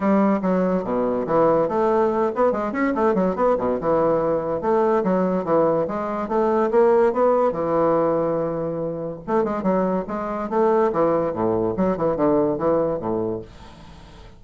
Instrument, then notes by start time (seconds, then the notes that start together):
bassoon
0.00 G3
0.42 F#3
0.84 B2
1.26 E3
1.68 A3
2.35 B3
2.52 G#3
2.72 C#4
2.94 A3
3.14 F#3
3.35 B3
3.57 B2
3.80 E3
4.61 A3
5.03 F#3
5.44 E3
5.87 G#3
6.28 A3
6.71 A#3
7.12 B3
7.52 E3
9.27 A3
9.43 G#3
9.62 F#3
10.07 G#3
10.49 A3
10.92 E3
11.33 A2
11.77 F#3
11.97 E3
12.16 D3
12.58 E3
12.99 A2